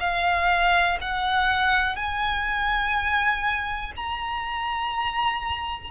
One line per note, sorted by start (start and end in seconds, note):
0.00 0.98 F5
1.01 1.96 F#5
1.96 3.93 G#5
3.97 5.91 A#5